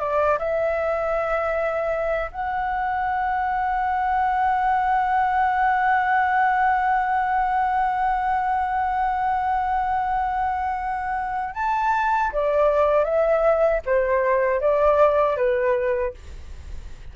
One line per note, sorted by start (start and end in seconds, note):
0.00 0.38 D5
0.38 2.31 E5
2.31 11.55 F#5
11.55 12.31 A5
12.33 13.04 D5
13.04 13.81 E5
13.86 14.60 C5
14.60 15.37 D5
15.37 16.14 B4